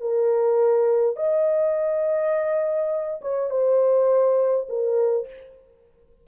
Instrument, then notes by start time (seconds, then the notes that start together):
horn
0.00 A#4
1.16 D#5
3.21 C#5
3.50 C5
4.68 A#4